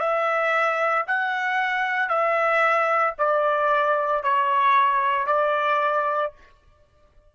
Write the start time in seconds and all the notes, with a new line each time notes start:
0.00 E5
1.07 F#5
2.09 E5
3.18 D5
4.24 C#5
5.27 D5